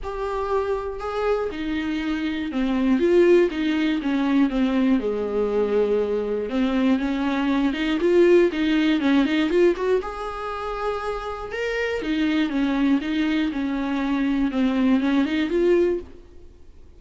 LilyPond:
\new Staff \with { instrumentName = "viola" } { \time 4/4 \tempo 4 = 120 g'2 gis'4 dis'4~ | dis'4 c'4 f'4 dis'4 | cis'4 c'4 gis2~ | gis4 c'4 cis'4. dis'8 |
f'4 dis'4 cis'8 dis'8 f'8 fis'8 | gis'2. ais'4 | dis'4 cis'4 dis'4 cis'4~ | cis'4 c'4 cis'8 dis'8 f'4 | }